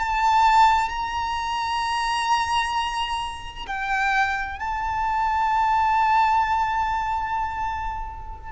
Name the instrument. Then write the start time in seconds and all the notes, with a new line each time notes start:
violin
0.00 A5
0.89 A#5
3.67 G5
4.59 A5